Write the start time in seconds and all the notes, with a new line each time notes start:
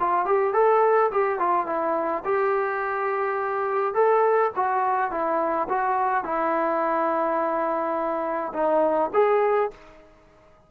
0.00 F4
0.26 G4
0.54 A4
1.12 G4
1.39 F4
1.67 E4
2.25 G4
3.95 A4
4.56 F#4
5.11 E4
5.69 F#4
6.24 E4
8.54 D#4
9.14 G#4